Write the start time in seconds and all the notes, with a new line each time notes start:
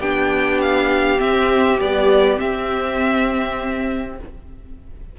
0.00 B3 D4 G4 G5
0.62 F5
1.18 C4 E5
1.80 G3 B3 D5
2.36 C4 E5